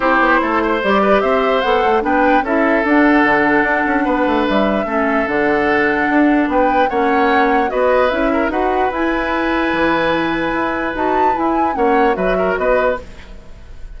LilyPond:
<<
  \new Staff \with { instrumentName = "flute" } { \time 4/4 \tempo 4 = 148 c''2 d''4 e''4 | fis''4 g''4 e''4 fis''4~ | fis''2. e''4~ | e''4 fis''2. |
g''4 fis''2 dis''4 | e''4 fis''4 gis''2~ | gis''2. a''4 | gis''4 fis''4 e''4 dis''4 | }
  \new Staff \with { instrumentName = "oboe" } { \time 4/4 g'4 a'8 c''4 b'8 c''4~ | c''4 b'4 a'2~ | a'2 b'2 | a'1 |
b'4 cis''2 b'4~ | b'8 ais'8 b'2.~ | b'1~ | b'4 cis''4 b'8 ais'8 b'4 | }
  \new Staff \with { instrumentName = "clarinet" } { \time 4/4 e'2 g'2 | a'4 d'4 e'4 d'4~ | d'1 | cis'4 d'2.~ |
d'4 cis'2 fis'4 | e'4 fis'4 e'2~ | e'2. fis'4 | e'4 cis'4 fis'2 | }
  \new Staff \with { instrumentName = "bassoon" } { \time 4/4 c'8 b8 a4 g4 c'4 | b8 a8 b4 cis'4 d'4 | d4 d'8 cis'8 b8 a8 g4 | a4 d2 d'4 |
b4 ais2 b4 | cis'4 dis'4 e'2 | e2 e'4 dis'4 | e'4 ais4 fis4 b4 | }
>>